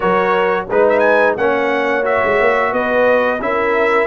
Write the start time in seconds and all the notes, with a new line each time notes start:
0.00 F#3 F#4 A#4 C#5
0.69 G#3 D#4 B4
0.88 E5
0.99 G#5
1.37 A#3 C#4 C#5 F#5
2.03 F#4 E5
2.23 G#3
2.40 A#3
2.72 B3 B4 D#5
3.40 C#4 E4 A#4 E5